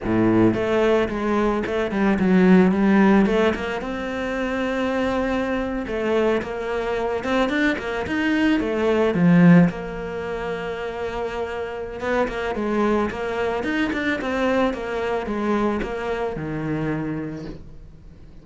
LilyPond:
\new Staff \with { instrumentName = "cello" } { \time 4/4 \tempo 4 = 110 a,4 a4 gis4 a8 g8 | fis4 g4 a8 ais8 c'4~ | c'2~ c'8. a4 ais16~ | ais4~ ais16 c'8 d'8 ais8 dis'4 a16~ |
a8. f4 ais2~ ais16~ | ais2 b8 ais8 gis4 | ais4 dis'8 d'8 c'4 ais4 | gis4 ais4 dis2 | }